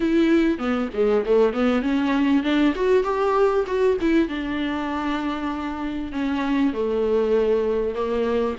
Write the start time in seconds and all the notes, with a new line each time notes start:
0.00 E4
0.58 B3
0.93 G#3
1.25 A3
1.53 B3
1.81 C#4
2.43 D4
2.75 F#4
3.03 G4
3.66 F#4
4.00 E4
4.28 D4
6.12 C#4
6.73 A3
7.94 A#3